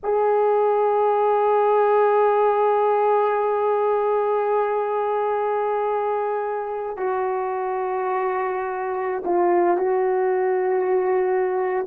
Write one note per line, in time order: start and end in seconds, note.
0.03 6.96 G#4
6.96 9.23 F#4
9.24 9.77 F4
9.77 11.86 F#4